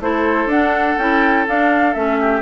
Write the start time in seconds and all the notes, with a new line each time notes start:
0.00 A3 E4 A4 C5
0.46 D4 F#5
0.98 C#4 E4 G5
1.47 D4 F5
1.94 A3 C#4 E5
2.20 G4